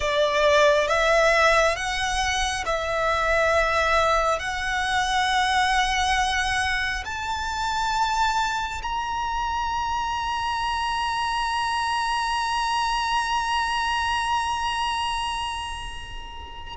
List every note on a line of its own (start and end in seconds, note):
0.00 0.87 D5
0.87 1.76 E5
1.76 2.64 F#5
2.65 4.39 E5
4.39 7.03 F#5
7.05 8.81 A5
8.82 16.76 A#5